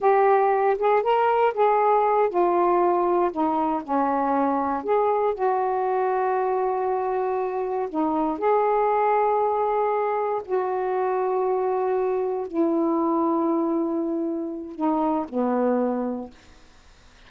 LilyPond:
\new Staff \with { instrumentName = "saxophone" } { \time 4/4 \tempo 4 = 118 g'4. gis'8 ais'4 gis'4~ | gis'8 f'2 dis'4 cis'8~ | cis'4. gis'4 fis'4.~ | fis'2.~ fis'8 dis'8~ |
dis'8 gis'2.~ gis'8~ | gis'8 fis'2.~ fis'8~ | fis'8 e'2.~ e'8~ | e'4 dis'4 b2 | }